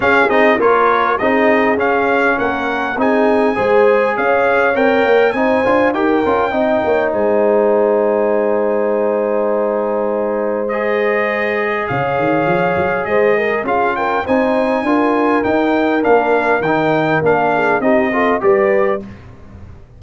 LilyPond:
<<
  \new Staff \with { instrumentName = "trumpet" } { \time 4/4 \tempo 4 = 101 f''8 dis''8 cis''4 dis''4 f''4 | fis''4 gis''2 f''4 | g''4 gis''4 g''2 | gis''1~ |
gis''2 dis''2 | f''2 dis''4 f''8 g''8 | gis''2 g''4 f''4 | g''4 f''4 dis''4 d''4 | }
  \new Staff \with { instrumentName = "horn" } { \time 4/4 gis'4 ais'4 gis'2 | ais'4 gis'4 c''4 cis''4~ | cis''4 c''4 ais'4 dis''8 cis''8 | c''1~ |
c''1 | cis''2 c''8 ais'8 gis'8 ais'8 | c''4 ais'2.~ | ais'4. gis'8 g'8 a'8 b'4 | }
  \new Staff \with { instrumentName = "trombone" } { \time 4/4 cis'8 dis'8 f'4 dis'4 cis'4~ | cis'4 dis'4 gis'2 | ais'4 dis'8 f'8 g'8 f'8 dis'4~ | dis'1~ |
dis'2 gis'2~ | gis'2. f'4 | dis'4 f'4 dis'4 d'4 | dis'4 d'4 dis'8 f'8 g'4 | }
  \new Staff \with { instrumentName = "tuba" } { \time 4/4 cis'8 c'8 ais4 c'4 cis'4 | ais4 c'4 gis4 cis'4 | c'8 ais8 c'8 d'8 dis'8 cis'8 c'8 ais8 | gis1~ |
gis1 | cis8 dis8 f8 fis8 gis4 cis'4 | c'4 d'4 dis'4 ais4 | dis4 ais4 c'4 g4 | }
>>